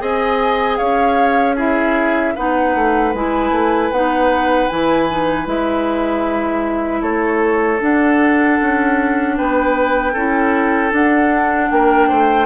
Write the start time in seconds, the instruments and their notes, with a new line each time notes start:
0.00 bassoon C4, clarinet G#4, oboe D#5, flute G#5
0.77 bassoon C#4, oboe C#5, flute F5
1.56 clarinet E4, oboe G#4, flute E5
2.36 bassoon B3, clarinet D#4, oboe B4, flute F#5
2.75 bassoon A3
3.14 bassoon G#3, clarinet E4, flute G#5
3.52 bassoon A3
3.92 bassoon B3, clarinet D#4, flute F#5
4.69 bassoon E3, clarinet E4, flute G#5
5.10 clarinet D#4
5.46 bassoon G#3, clarinet E4, flute E5
7.02 bassoon A3, oboe A4, flute C#5
7.80 clarinet D4, bassoon D4, flute F#5
8.62 bassoon C#4
9.37 bassoon B3, oboe B4, flute G5
10.13 bassoon C#4, clarinet E4, oboe A4
10.92 clarinet D4, bassoon D4, flute F#5
11.71 bassoon A#3, oboe A#4, flute G5
12.09 bassoon A3, oboe C5